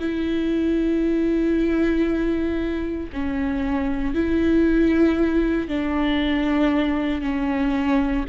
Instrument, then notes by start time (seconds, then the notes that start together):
viola
0.00 E4
3.13 C#4
4.15 E4
5.68 D4
7.22 C#4